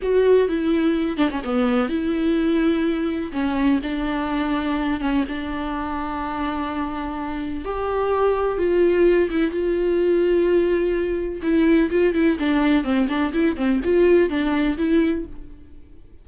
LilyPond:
\new Staff \with { instrumentName = "viola" } { \time 4/4 \tempo 4 = 126 fis'4 e'4. d'16 cis'16 b4 | e'2. cis'4 | d'2~ d'8 cis'8 d'4~ | d'1 |
g'2 f'4. e'8 | f'1 | e'4 f'8 e'8 d'4 c'8 d'8 | e'8 c'8 f'4 d'4 e'4 | }